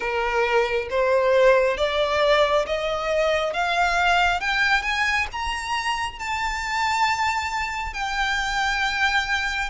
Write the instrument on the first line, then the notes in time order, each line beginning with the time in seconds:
violin
0.00 A#4
0.89 C5
1.77 D5
2.66 D#5
3.53 F5
4.40 G5
4.82 G#5
5.32 A#5
6.19 A5
7.93 G5